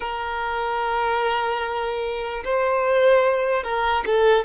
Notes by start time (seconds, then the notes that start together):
0.00 A#4
2.44 C5
3.63 A#4
4.06 A4